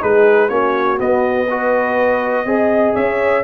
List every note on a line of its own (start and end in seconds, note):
0.00 0.50 G#3
0.00 0.49 D#4
0.00 0.49 G#4
0.00 0.49 B4
0.49 0.99 A#3
0.49 0.97 C#4
0.49 1.49 F#4
0.49 0.98 C#5
0.97 1.47 B3
0.97 2.45 B3
0.97 2.95 D#5
1.49 2.46 F#4
1.49 2.47 B4
2.45 2.95 C4
2.45 3.44 G#4
2.45 2.95 D#5
2.95 3.44 C#4
2.95 3.44 C#5
2.95 3.44 E5